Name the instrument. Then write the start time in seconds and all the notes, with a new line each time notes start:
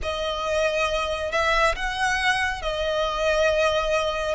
violin
0.02 D#5
1.31 E5
1.75 F#5
2.62 D#5